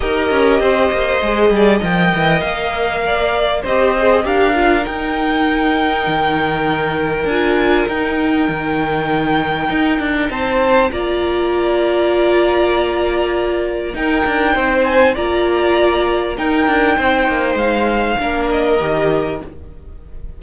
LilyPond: <<
  \new Staff \with { instrumentName = "violin" } { \time 4/4 \tempo 4 = 99 dis''2. g''4 | f''2 dis''4 f''4 | g''1 | gis''4 g''2.~ |
g''4 a''4 ais''2~ | ais''2. g''4~ | g''8 gis''8 ais''2 g''4~ | g''4 f''4. dis''4. | }
  \new Staff \with { instrumentName = "violin" } { \time 4/4 ais'4 c''4. d''8 dis''4~ | dis''4 d''4 c''4 ais'4~ | ais'1~ | ais'1~ |
ais'4 c''4 d''2~ | d''2. ais'4 | c''4 d''2 ais'4 | c''2 ais'2 | }
  \new Staff \with { instrumentName = "viola" } { \time 4/4 g'2 gis'4 ais'4~ | ais'2 g'8 gis'8 g'8 f'8 | dis'1 | f'4 dis'2.~ |
dis'2 f'2~ | f'2. dis'4~ | dis'4 f'2 dis'4~ | dis'2 d'4 g'4 | }
  \new Staff \with { instrumentName = "cello" } { \time 4/4 dis'8 cis'8 c'8 ais8 gis8 g8 f8 e8 | ais2 c'4 d'4 | dis'2 dis2 | d'4 dis'4 dis2 |
dis'8 d'8 c'4 ais2~ | ais2. dis'8 d'8 | c'4 ais2 dis'8 d'8 | c'8 ais8 gis4 ais4 dis4 | }
>>